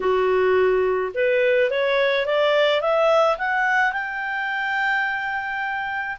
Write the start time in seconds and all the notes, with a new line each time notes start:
0.00 F#4
1.14 B4
1.70 C#5
2.26 D5
2.81 E5
3.38 F#5
3.92 G5